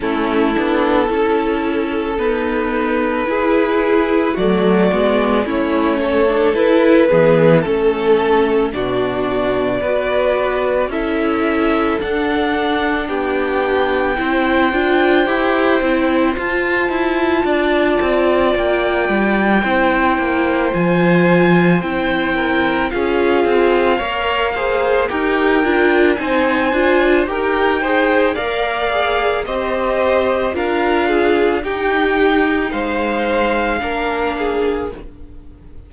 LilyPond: <<
  \new Staff \with { instrumentName = "violin" } { \time 4/4 \tempo 4 = 55 a'2 b'2 | d''4 cis''4 b'4 a'4 | d''2 e''4 fis''4 | g''2. a''4~ |
a''4 g''2 gis''4 | g''4 f''2 g''4 | gis''4 g''4 f''4 dis''4 | f''4 g''4 f''2 | }
  \new Staff \with { instrumentName = "violin" } { \time 4/4 e'4 a'2 gis'4 | fis'4 e'8 a'4 gis'8 a'4 | fis'4 b'4 a'2 | g'4 c''2. |
d''2 c''2~ | c''8 ais'8 gis'4 cis''8 c''8 ais'4 | c''4 ais'8 c''8 d''4 c''4 | ais'8 gis'8 g'4 c''4 ais'8 gis'8 | }
  \new Staff \with { instrumentName = "viola" } { \time 4/4 cis'8 d'8 e'4 b4 e'4 | a8 b8 cis'8. d'16 e'8 b8 cis'4 | d'4 fis'4 e'4 d'4~ | d'4 e'8 f'8 g'8 e'8 f'4~ |
f'2 e'4 f'4 | e'4 f'4 ais'8 gis'8 g'8 f'8 | dis'8 f'8 g'8 gis'8 ais'8 gis'8 g'4 | f'4 dis'2 d'4 | }
  \new Staff \with { instrumentName = "cello" } { \time 4/4 a8 b8 cis'4 dis'4 e'4 | fis8 gis8 a4 e'8 e8 a4 | b,4 b4 cis'4 d'4 | b4 c'8 d'8 e'8 c'8 f'8 e'8 |
d'8 c'8 ais8 g8 c'8 ais8 f4 | c'4 cis'8 c'8 ais4 dis'8 d'8 | c'8 d'8 dis'4 ais4 c'4 | d'4 dis'4 gis4 ais4 | }
>>